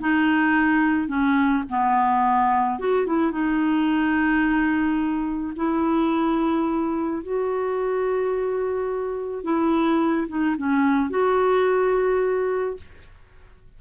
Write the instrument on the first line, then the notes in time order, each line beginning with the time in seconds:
clarinet
0.00 D#4
1.08 C#4
1.70 B3
2.79 F#4
3.06 E4
3.31 D#4
5.56 E4
7.22 F#4
9.44 E4
10.28 D#4
10.57 C#4
11.10 F#4